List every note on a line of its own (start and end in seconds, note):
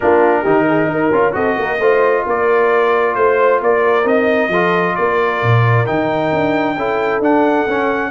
0.00 0.46 A#3
0.00 0.45 D4
0.00 0.42 F4
0.00 1.34 A#4
0.42 0.86 D#3
0.42 1.12 D#4
0.42 0.65 G4
0.68 0.90 G#4
0.86 1.09 D#4
0.86 1.35 A#4
1.12 1.34 C#4
1.12 1.32 F4
1.32 1.57 C4
1.32 1.77 F#4
1.32 1.58 A4
1.32 2.24 D#5
1.58 1.79 A#3
1.58 1.79 A#4
1.79 2.24 A3
1.79 4.04 F4
1.79 2.24 C5
2.25 3.16 A#3
2.25 3.15 A#4
2.25 3.14 D5
3.14 3.61 A3
3.14 3.60 C5
3.14 3.61 C5
3.61 4.04 A#3
3.61 4.49 A#4
3.61 4.07 D5
4.04 4.48 C4
4.04 4.49 D#4
4.04 4.95 D#5
4.48 4.93 F3
4.48 5.86 F4
4.48 4.95 A4
4.95 5.42 A#3
4.95 6.76 A#4
4.95 5.86 D5
5.42 5.87 A#2
5.86 6.32 D#3
5.86 6.76 D#4
5.86 7.21 G5
6.32 6.76 D4
6.76 7.19 C#4
6.76 7.22 E4
6.76 8.10 A4
7.19 7.64 D4
7.19 7.67 D4
7.19 8.10 F#5
7.67 8.10 C#4